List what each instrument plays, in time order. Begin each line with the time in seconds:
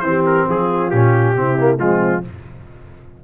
0.00 tuba E3, trombone C4, trumpet C5
0.07 horn G4
0.26 trumpet A#4
0.47 tuba F3, horn F4, trumpet G#4
0.90 tuba A#2, trombone C#4, trumpet G4
1.35 tuba C3, trombone C4, horn E4
1.59 trombone A#3
1.78 tuba F3, trombone G#3, horn C4, trumpet F4